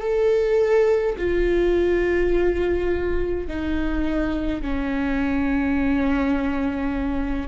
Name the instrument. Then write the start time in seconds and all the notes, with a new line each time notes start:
viola
0.00 A4
1.17 F4
3.47 D#4
4.61 C#4